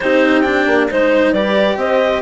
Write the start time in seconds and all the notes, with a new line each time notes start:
0.00 C4 D#4 G4 C5
0.41 D4 G5
0.66 A#3
0.90 G#3 D#4 C5
1.32 G3 G4 B4 D5
1.76 C4 C5 D#5